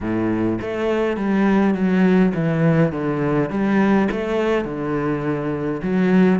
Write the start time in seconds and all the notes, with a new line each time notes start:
0.00 A2
0.61 A3
1.17 G3
1.74 F#3
2.34 E3
2.92 D3
3.50 G3
4.11 A3
4.64 D3
5.83 F#3